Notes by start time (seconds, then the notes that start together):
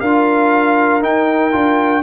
0.00 D4 F4 A#4 F5
1.01 D#4 G5
1.52 D4 F4